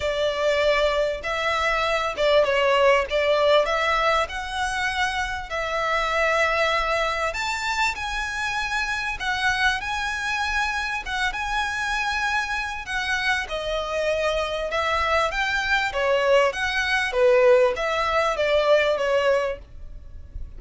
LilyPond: \new Staff \with { instrumentName = "violin" } { \time 4/4 \tempo 4 = 98 d''2 e''4. d''8 | cis''4 d''4 e''4 fis''4~ | fis''4 e''2. | a''4 gis''2 fis''4 |
gis''2 fis''8 gis''4.~ | gis''4 fis''4 dis''2 | e''4 g''4 cis''4 fis''4 | b'4 e''4 d''4 cis''4 | }